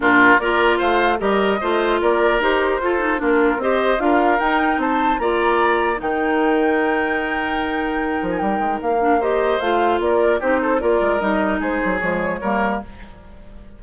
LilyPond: <<
  \new Staff \with { instrumentName = "flute" } { \time 4/4 \tempo 4 = 150 ais'4 d''4 f''4 dis''4~ | dis''4 d''4 c''2 | ais'4 dis''4 f''4 g''4 | a''4 ais''2 g''4~ |
g''1~ | g''8. gis''16 g''4 f''4 dis''4 | f''4 d''4 c''4 d''4 | dis''4 c''4 cis''2 | }
  \new Staff \with { instrumentName = "oboe" } { \time 4/4 f'4 ais'4 c''4 ais'4 | c''4 ais'2 a'4 | f'4 c''4 ais'2 | c''4 d''2 ais'4~ |
ais'1~ | ais'2. c''4~ | c''4 ais'4 g'8 a'8 ais'4~ | ais'4 gis'2 ais'4 | }
  \new Staff \with { instrumentName = "clarinet" } { \time 4/4 d'4 f'2 g'4 | f'2 g'4 f'8 dis'8 | d'4 g'4 f'4 dis'4~ | dis'4 f'2 dis'4~ |
dis'1~ | dis'2~ dis'8 d'8 g'4 | f'2 dis'4 f'4 | dis'2 gis4 ais4 | }
  \new Staff \with { instrumentName = "bassoon" } { \time 4/4 ais,4 ais4 a4 g4 | a4 ais4 dis'4 f'4 | ais4 c'4 d'4 dis'4 | c'4 ais2 dis4~ |
dis1~ | dis8 f8 g8 gis8 ais2 | a4 ais4 c'4 ais8 gis8 | g4 gis8 fis8 f4 g4 | }
>>